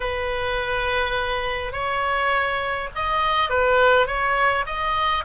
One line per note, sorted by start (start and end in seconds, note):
0.00 1.72 B4
1.72 2.88 C#5
2.95 3.49 D#5
3.49 4.06 B4
4.06 4.65 C#5
4.66 5.24 D#5